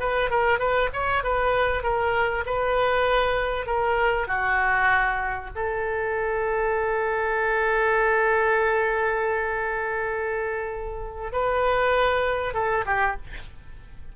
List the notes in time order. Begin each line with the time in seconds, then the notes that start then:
0.00 B4
0.31 A#4
0.59 B4
0.94 C#5
1.24 B4
1.83 A#4
2.46 B4
3.66 A#4
4.28 F#4
5.55 A4
11.33 B4
12.54 A4
12.86 G4